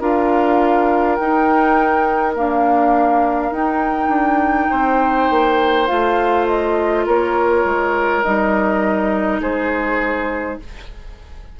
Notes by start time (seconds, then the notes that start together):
0.00 D4 F4 A#4 F5
1.15 D#4 G5
2.35 A#3 D4 F5
3.51 D#4 G5
4.08 D4
4.70 C4 C5
5.30 A#3
5.87 A3 F4 F5
6.47 D#5
7.06 A#3 A#4 C#5
7.64 G#3
8.23 G3 D#4 D#5
9.40 G#3 G#4 C5